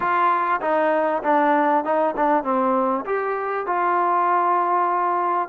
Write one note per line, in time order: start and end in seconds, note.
0.00 0.60 F4
0.61 1.22 D#4
1.23 1.84 D4
1.84 2.14 D#4
2.16 2.43 D4
2.43 3.04 C4
3.05 3.66 G4
3.66 5.48 F4